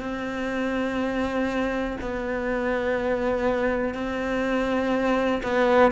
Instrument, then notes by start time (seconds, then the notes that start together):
cello
0.00 C4
2.01 B3
3.94 C4
5.43 B3